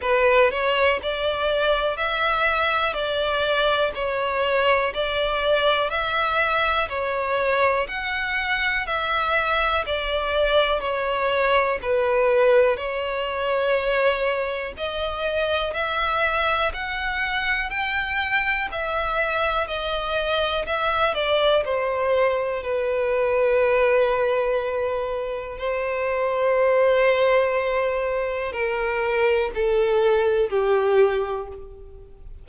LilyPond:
\new Staff \with { instrumentName = "violin" } { \time 4/4 \tempo 4 = 61 b'8 cis''8 d''4 e''4 d''4 | cis''4 d''4 e''4 cis''4 | fis''4 e''4 d''4 cis''4 | b'4 cis''2 dis''4 |
e''4 fis''4 g''4 e''4 | dis''4 e''8 d''8 c''4 b'4~ | b'2 c''2~ | c''4 ais'4 a'4 g'4 | }